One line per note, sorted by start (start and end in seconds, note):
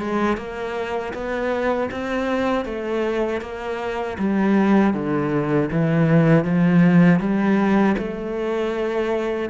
0.00 0.38 G#3
0.38 1.14 A#3
1.14 1.90 B3
1.92 2.66 C4
2.66 3.42 A3
3.42 4.18 A#3
4.19 4.94 G3
4.94 5.70 D3
5.72 6.45 E3
6.45 7.20 F3
7.20 7.96 G3
7.98 9.50 A3